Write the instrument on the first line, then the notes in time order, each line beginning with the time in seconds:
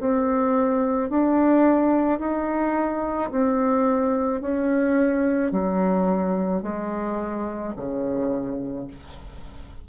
bassoon
0.00 C4
1.10 D4
2.20 D#4
3.31 C4
4.41 C#4
5.52 F#3
6.63 G#3
7.77 C#3